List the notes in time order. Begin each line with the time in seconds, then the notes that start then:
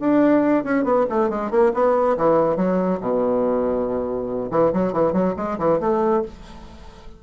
0.00 D4
0.64 C#4
0.84 B3
1.10 A3
1.30 G#3
1.51 A#3
1.74 B3
2.17 E3
2.57 F#3
3.01 B2
4.51 E3
4.73 F#3
4.93 E3
5.13 F#3
5.37 G#3
5.59 E3
5.81 A3